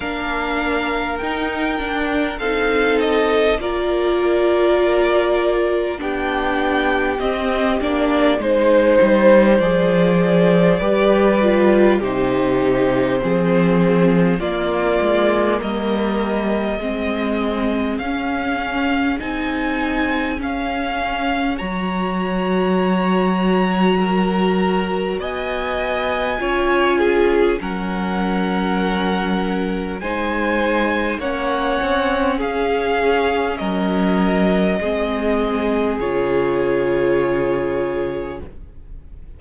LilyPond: <<
  \new Staff \with { instrumentName = "violin" } { \time 4/4 \tempo 4 = 50 f''4 g''4 f''8 dis''8 d''4~ | d''4 g''4 dis''8 d''8 c''4 | d''2 c''2 | d''4 dis''2 f''4 |
gis''4 f''4 ais''2~ | ais''4 gis''2 fis''4~ | fis''4 gis''4 fis''4 f''4 | dis''2 cis''2 | }
  \new Staff \with { instrumentName = "violin" } { \time 4/4 ais'2 a'4 ais'4~ | ais'4 g'2 c''4~ | c''4 b'4 g'4 gis'4 | f'4 ais'4 gis'2~ |
gis'2 cis''2 | ais'4 dis''4 cis''8 gis'8 ais'4~ | ais'4 c''4 cis''4 gis'4 | ais'4 gis'2. | }
  \new Staff \with { instrumentName = "viola" } { \time 4/4 d'4 dis'8 d'8 dis'4 f'4~ | f'4 d'4 c'8 d'8 dis'4 | gis'4 g'8 f'8 dis'4 c'4 | ais2 c'4 cis'4 |
dis'4 cis'4 fis'2~ | fis'2 f'4 cis'4~ | cis'4 dis'4 cis'2~ | cis'4 c'4 f'2 | }
  \new Staff \with { instrumentName = "cello" } { \time 4/4 ais4 dis'8 d'8 c'4 ais4~ | ais4 b4 c'8 ais8 gis8 g8 | f4 g4 c4 f4 | ais8 gis8 g4 gis4 cis'4 |
c'4 cis'4 fis2~ | fis4 b4 cis'4 fis4~ | fis4 gis4 ais8 c'8 cis'4 | fis4 gis4 cis2 | }
>>